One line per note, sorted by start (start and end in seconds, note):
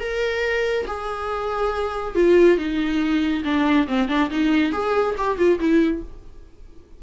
0.00 0.86 A#4
0.87 2.15 G#4
2.15 2.58 F4
2.58 3.43 D#4
3.44 3.87 D4
3.87 4.08 C4
4.08 4.30 D4
4.30 4.72 D#4
4.72 5.15 G#4
5.18 5.37 G4
5.37 5.59 F4
5.60 6.03 E4